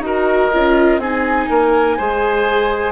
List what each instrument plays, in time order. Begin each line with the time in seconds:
0.00 bassoon D#4, viola F#4, oboe A#4, flute D#5
0.53 bassoon C#4, viola F4
0.98 bassoon C4, viola D#4, oboe G#4, flute G#5
1.50 bassoon A#3, oboe A#4
1.97 bassoon G#3, viola G#4, oboe C5